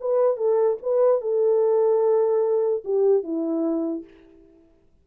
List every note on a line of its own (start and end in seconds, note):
0.00 0.36 B4
0.36 0.77 A4
0.82 1.21 B4
1.21 2.83 A4
2.84 3.23 G4
3.23 4.04 E4